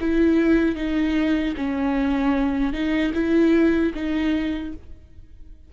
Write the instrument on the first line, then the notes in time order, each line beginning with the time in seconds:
viola
0.00 E4
0.75 D#4
1.56 C#4
2.73 D#4
3.14 E4
3.94 D#4